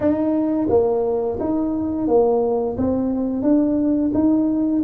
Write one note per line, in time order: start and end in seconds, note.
0.00 0.68 D#4
0.69 1.38 A#3
1.39 2.07 D#4
2.07 2.76 A#3
2.77 3.42 C4
3.42 4.11 D4
4.13 4.82 D#4